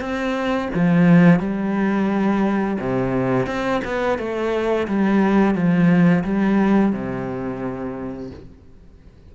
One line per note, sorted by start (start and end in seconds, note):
0.00 0.69 C4
0.74 1.39 F3
1.39 2.77 G3
2.79 3.46 C3
3.46 3.81 C4
3.84 4.18 B3
4.18 4.87 A3
4.87 5.55 G3
5.55 6.24 F3
6.24 6.92 G3
6.92 8.30 C3